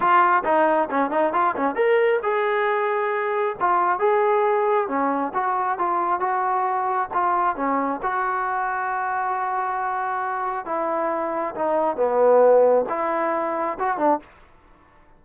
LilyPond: \new Staff \with { instrumentName = "trombone" } { \time 4/4 \tempo 4 = 135 f'4 dis'4 cis'8 dis'8 f'8 cis'8 | ais'4 gis'2. | f'4 gis'2 cis'4 | fis'4 f'4 fis'2 |
f'4 cis'4 fis'2~ | fis'1 | e'2 dis'4 b4~ | b4 e'2 fis'8 d'8 | }